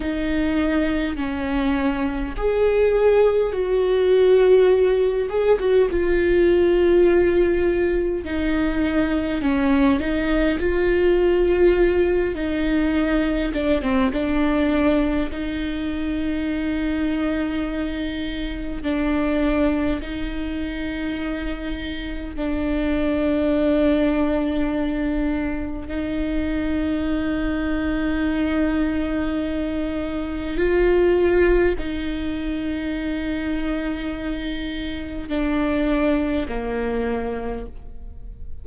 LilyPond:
\new Staff \with { instrumentName = "viola" } { \time 4/4 \tempo 4 = 51 dis'4 cis'4 gis'4 fis'4~ | fis'8 gis'16 fis'16 f'2 dis'4 | cis'8 dis'8 f'4. dis'4 d'16 c'16 | d'4 dis'2. |
d'4 dis'2 d'4~ | d'2 dis'2~ | dis'2 f'4 dis'4~ | dis'2 d'4 ais4 | }